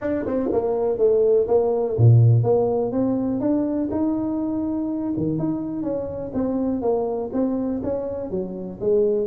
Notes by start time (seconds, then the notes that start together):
0.01 D4
0.25 C4
0.51 A#3
0.98 A3
1.47 A#3
1.97 A#2
2.43 A#3
2.91 C4
3.40 D4
3.91 D#4
5.17 D#3
5.39 D#4
5.82 C#4
6.34 C4
6.81 A#3
7.32 C4
7.83 C#4
8.30 F#3
8.80 G#3